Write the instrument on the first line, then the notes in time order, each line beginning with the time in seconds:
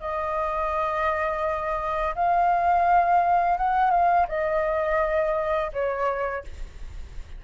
flute
0.00 D#5
2.15 F5
3.57 F#5
3.91 F5
4.28 D#5
5.73 C#5